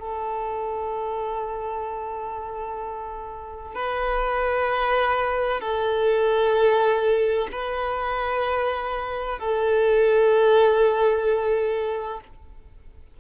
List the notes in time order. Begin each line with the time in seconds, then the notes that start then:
0.00 A4
3.75 B4
5.61 A4
7.52 B4
9.39 A4